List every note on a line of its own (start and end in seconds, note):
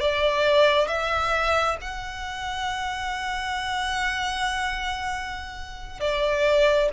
0.00 0.88 D5
0.88 1.77 E5
1.81 6.00 F#5
6.00 6.89 D5